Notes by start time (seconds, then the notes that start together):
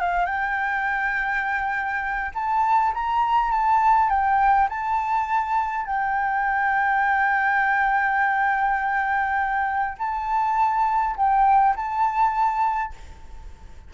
0.00 F5
0.25 G5
2.34 A5
2.94 A#5
3.51 A5
4.09 G5
4.69 A5
5.86 G5
9.98 A5
11.16 G5
11.76 A5